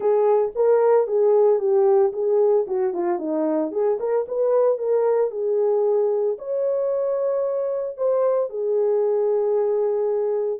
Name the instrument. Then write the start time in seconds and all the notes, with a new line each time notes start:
horn
0.00 G#4
0.55 A#4
1.07 G#4
1.59 G4
2.12 G#4
2.67 F#4
2.93 F4
3.19 D#4
3.71 G#4
3.99 A#4
4.27 B4
4.77 A#4
5.30 G#4
6.38 C#5
7.97 C5
8.49 G#4